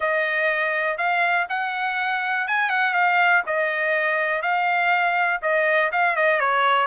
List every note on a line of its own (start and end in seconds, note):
0.00 0.97 D#5
0.97 1.46 F5
1.49 2.47 F#5
2.47 2.69 G#5
2.69 2.93 F#5
2.93 3.42 F5
3.46 4.42 D#5
4.42 5.40 F5
5.42 5.91 D#5
5.92 6.16 F5
6.16 6.40 D#5
6.40 6.87 C#5